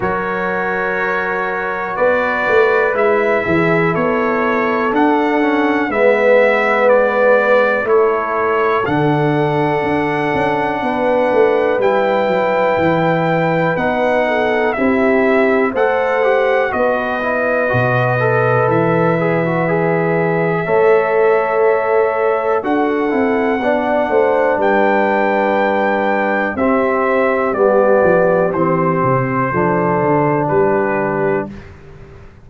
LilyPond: <<
  \new Staff \with { instrumentName = "trumpet" } { \time 4/4 \tempo 4 = 61 cis''2 d''4 e''4 | cis''4 fis''4 e''4 d''4 | cis''4 fis''2. | g''2 fis''4 e''4 |
fis''4 dis''2 e''4~ | e''2. fis''4~ | fis''4 g''2 e''4 | d''4 c''2 b'4 | }
  \new Staff \with { instrumentName = "horn" } { \time 4/4 ais'2 b'4. gis'8 | a'2 b'2 | a'2. b'4~ | b'2~ b'8 a'8 g'4 |
c''4 b'2.~ | b'4 cis''2 a'4 | d''8 c''8 b'2 g'4~ | g'2 a'4 g'4 | }
  \new Staff \with { instrumentName = "trombone" } { \time 4/4 fis'2. e'4~ | e'4 d'8 cis'8 b2 | e'4 d'2. | e'2 dis'4 e'4 |
a'8 g'8 fis'8 e'8 fis'8 a'4 gis'16 fis'16 | gis'4 a'2 fis'8 e'8 | d'2. c'4 | b4 c'4 d'2 | }
  \new Staff \with { instrumentName = "tuba" } { \time 4/4 fis2 b8 a8 gis8 e8 | b4 d'4 gis2 | a4 d4 d'8 cis'8 b8 a8 | g8 fis8 e4 b4 c'4 |
a4 b4 b,4 e4~ | e4 a2 d'8 c'8 | b8 a8 g2 c'4 | g8 f8 e8 c8 f8 d8 g4 | }
>>